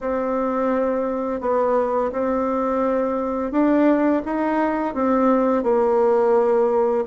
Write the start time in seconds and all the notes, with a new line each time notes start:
0.01 C4
1.40 B3
2.11 C4
3.51 D4
4.25 D#4
4.94 C4
5.63 A#3